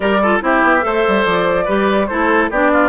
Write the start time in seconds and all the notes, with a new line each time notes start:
0.00 G3 G4 A#4 D5
0.22 F4 A4
0.40 C4 E4 G4 E5
0.62 B3
0.80 A3 A4 C5
1.07 G3
1.24 F3 D5
1.65 G3 G4 B4
2.07 A3 E4 A4 C5
2.50 B3 D4 G4 D5
2.72 F4